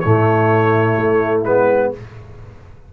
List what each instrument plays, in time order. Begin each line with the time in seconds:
0.00 tuba A2, trombone A3, horn E4, trumpet C#5
0.96 tuba A3
1.44 tuba G#3, trombone B3, trumpet B4